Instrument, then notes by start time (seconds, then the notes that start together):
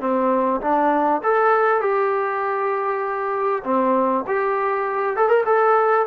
trombone
0.00 C4
0.61 D4
1.23 A4
1.81 G4
3.64 C4
4.27 G4
5.17 A4
5.29 A#4
5.46 A4